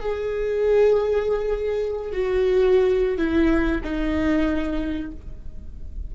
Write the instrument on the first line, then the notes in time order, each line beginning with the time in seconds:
viola
0.00 G#4
2.12 F#4
3.17 E4
3.83 D#4